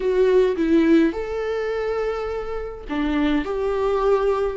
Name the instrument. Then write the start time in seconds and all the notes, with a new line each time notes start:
viola
0.00 F#4
0.56 E4
1.12 A4
2.89 D4
3.44 G4